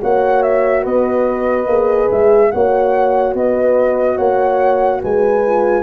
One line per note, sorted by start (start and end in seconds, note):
0.00 0.85 A#3
0.00 1.67 F#4
0.00 0.83 C#5
0.00 0.42 F#5
0.42 0.84 E5
0.83 1.67 B3
0.83 2.50 B4
0.83 2.10 D#5
1.67 2.08 A#3
1.67 2.52 G#4
2.11 2.53 G#3
2.11 2.51 E5
2.51 3.34 A#3
2.51 5.45 F#4
2.51 3.36 C#5
2.51 3.34 F#5
3.34 4.18 B3
3.34 4.15 B4
3.34 4.17 D#5
4.15 5.02 A#3
4.15 4.98 C#5
4.15 5.01 F#5
5.01 5.83 G#3
5.01 5.83 B4
5.01 5.83 G#5
5.45 5.83 F4